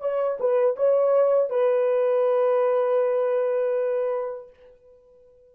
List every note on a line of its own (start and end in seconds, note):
0.00 0.38 C#5
0.40 0.76 B4
0.76 1.49 C#5
1.49 4.49 B4